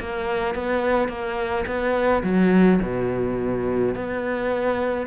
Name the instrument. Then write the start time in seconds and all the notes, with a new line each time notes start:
cello
0.00 A#3
0.55 B3
1.09 A#3
1.66 B3
2.23 F#3
2.82 B2
3.95 B3